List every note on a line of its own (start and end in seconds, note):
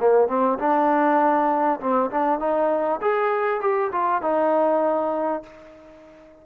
0.00 0.28 A#3
0.28 0.58 C4
0.59 1.80 D4
1.80 2.11 C4
2.11 2.40 D4
2.40 3.01 D#4
3.02 3.61 G#4
3.61 3.91 G4
3.92 4.22 F4
4.22 5.44 D#4